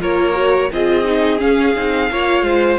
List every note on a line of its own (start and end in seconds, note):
0.00 0.71 A#3
0.00 0.33 F4
0.00 0.70 A#4
0.00 0.72 C#5
0.33 0.68 F#4
0.72 1.42 C4
0.72 1.05 F4
0.72 2.12 G#4
0.72 1.40 D#5
1.05 1.39 D#4
1.39 1.74 C#4
1.39 1.76 C#4
1.39 2.79 F5
1.76 2.11 C4
1.76 2.11 D#4
2.11 2.42 A#3
2.11 2.79 F4
2.11 2.45 C#5
2.42 2.77 G#3
2.42 2.79 C5